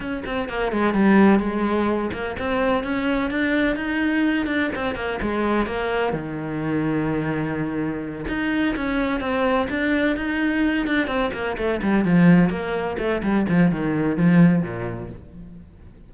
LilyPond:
\new Staff \with { instrumentName = "cello" } { \time 4/4 \tempo 4 = 127 cis'8 c'8 ais8 gis8 g4 gis4~ | gis8 ais8 c'4 cis'4 d'4 | dis'4. d'8 c'8 ais8 gis4 | ais4 dis2.~ |
dis4. dis'4 cis'4 c'8~ | c'8 d'4 dis'4. d'8 c'8 | ais8 a8 g8 f4 ais4 a8 | g8 f8 dis4 f4 ais,4 | }